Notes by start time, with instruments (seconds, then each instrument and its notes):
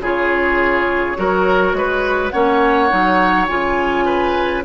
0.00 bassoon C#3, clarinet F4, oboe G#4, flute C#5
1.16 bassoon F#3, clarinet F#4, oboe A#4
1.73 bassoon G#3, oboe B4
2.30 bassoon A#3, clarinet C#4, oboe C#5, flute F#5
2.89 bassoon F#3, clarinet D#4
3.48 bassoon C#3, clarinet F4, flute G#5
4.06 oboe B4